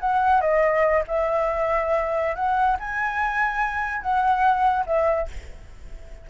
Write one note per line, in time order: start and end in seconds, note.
0.00 0.41 F#5
0.41 1.03 D#5
1.07 2.35 E5
2.35 2.77 F#5
2.79 4.02 G#5
4.02 4.84 F#5
4.86 5.28 E5